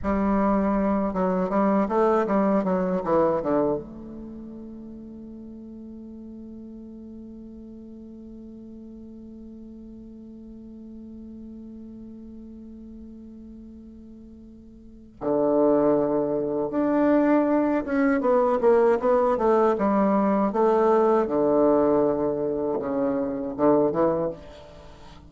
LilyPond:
\new Staff \with { instrumentName = "bassoon" } { \time 4/4 \tempo 4 = 79 g4. fis8 g8 a8 g8 fis8 | e8 d8 a2.~ | a1~ | a1~ |
a1 | d2 d'4. cis'8 | b8 ais8 b8 a8 g4 a4 | d2 cis4 d8 e8 | }